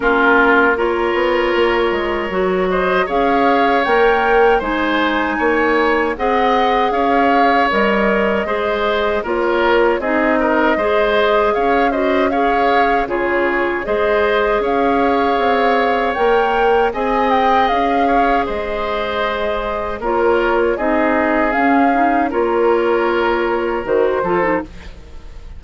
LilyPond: <<
  \new Staff \with { instrumentName = "flute" } { \time 4/4 \tempo 4 = 78 ais'4 cis''2~ cis''8 dis''8 | f''4 g''4 gis''2 | fis''4 f''4 dis''2 | cis''4 dis''2 f''8 dis''8 |
f''4 cis''4 dis''4 f''4~ | f''4 g''4 gis''8 g''8 f''4 | dis''2 cis''4 dis''4 | f''4 cis''2 c''4 | }
  \new Staff \with { instrumentName = "oboe" } { \time 4/4 f'4 ais'2~ ais'8 c''8 | cis''2 c''4 cis''4 | dis''4 cis''2 c''4 | ais'4 gis'8 ais'8 c''4 cis''8 c''8 |
cis''4 gis'4 c''4 cis''4~ | cis''2 dis''4. cis''8 | c''2 ais'4 gis'4~ | gis'4 ais'2~ ais'8 a'8 | }
  \new Staff \with { instrumentName = "clarinet" } { \time 4/4 cis'4 f'2 fis'4 | gis'4 ais'4 dis'2 | gis'2 ais'4 gis'4 | f'4 dis'4 gis'4. fis'8 |
gis'4 f'4 gis'2~ | gis'4 ais'4 gis'2~ | gis'2 f'4 dis'4 | cis'8 dis'8 f'2 fis'8 f'16 dis'16 | }
  \new Staff \with { instrumentName = "bassoon" } { \time 4/4 ais4. b8 ais8 gis8 fis4 | cis'4 ais4 gis4 ais4 | c'4 cis'4 g4 gis4 | ais4 c'4 gis4 cis'4~ |
cis'4 cis4 gis4 cis'4 | c'4 ais4 c'4 cis'4 | gis2 ais4 c'4 | cis'4 ais2 dis8 f8 | }
>>